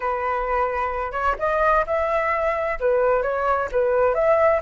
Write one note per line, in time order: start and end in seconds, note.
0.00 1.12 B4
1.12 1.35 C#5
1.38 1.85 D#5
1.86 2.78 E5
2.79 3.22 B4
3.22 3.68 C#5
3.71 4.14 B4
4.14 4.60 E5